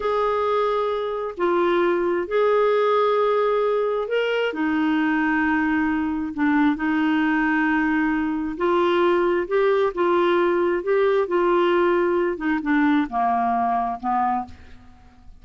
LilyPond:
\new Staff \with { instrumentName = "clarinet" } { \time 4/4 \tempo 4 = 133 gis'2. f'4~ | f'4 gis'2.~ | gis'4 ais'4 dis'2~ | dis'2 d'4 dis'4~ |
dis'2. f'4~ | f'4 g'4 f'2 | g'4 f'2~ f'8 dis'8 | d'4 ais2 b4 | }